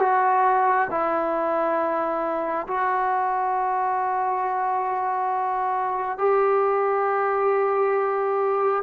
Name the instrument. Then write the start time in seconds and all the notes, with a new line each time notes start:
trombone
0.00 F#4
0.91 E4
2.68 F#4
6.19 G4